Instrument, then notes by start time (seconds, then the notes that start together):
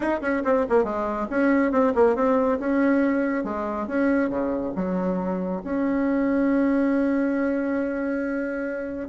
bassoon
0.00 D#4
0.21 C#4
0.44 C4
0.69 A#3
0.84 G#3
1.30 C#4
1.71 C4
1.94 A#3
2.15 C4
2.59 C#4
3.44 G#3
3.87 C#4
4.29 C#3
4.75 F#3
5.64 C#4